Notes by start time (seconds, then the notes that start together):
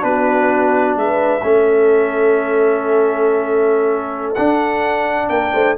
0.00 B3 D4 B4
0.07 F#4
0.96 G#3 B4 E5
1.43 A3 C#4 A4
4.35 D4 F#5
5.29 A#3 A#4 G5
5.53 A3 C5